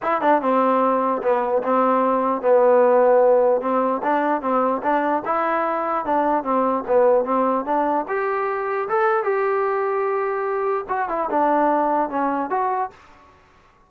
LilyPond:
\new Staff \with { instrumentName = "trombone" } { \time 4/4 \tempo 4 = 149 e'8 d'8 c'2 b4 | c'2 b2~ | b4 c'4 d'4 c'4 | d'4 e'2 d'4 |
c'4 b4 c'4 d'4 | g'2 a'4 g'4~ | g'2. fis'8 e'8 | d'2 cis'4 fis'4 | }